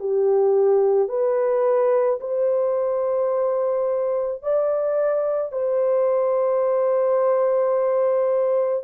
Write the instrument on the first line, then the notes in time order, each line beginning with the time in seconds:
horn
0.00 G4
1.09 B4
2.21 C5
4.43 D5
5.53 C5